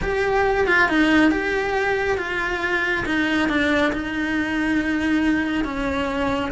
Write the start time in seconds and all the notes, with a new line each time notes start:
0.02 G4
0.67 F4
0.89 D#4
1.31 G4
2.17 F4
3.05 D#4
3.49 D4
3.92 D#4
5.64 C#4